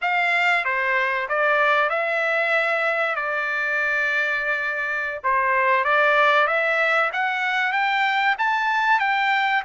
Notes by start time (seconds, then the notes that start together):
0.01 F5
0.65 C5
1.28 D5
1.89 E5
3.15 D5
5.23 C5
5.84 D5
6.47 E5
7.13 F#5
7.72 G5
8.38 A5
8.99 G5